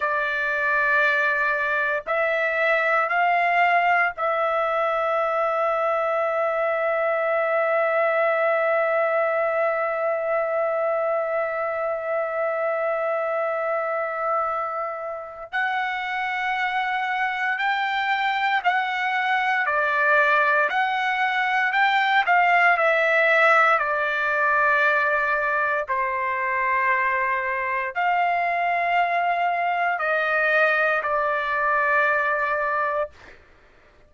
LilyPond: \new Staff \with { instrumentName = "trumpet" } { \time 4/4 \tempo 4 = 58 d''2 e''4 f''4 | e''1~ | e''1~ | e''2. fis''4~ |
fis''4 g''4 fis''4 d''4 | fis''4 g''8 f''8 e''4 d''4~ | d''4 c''2 f''4~ | f''4 dis''4 d''2 | }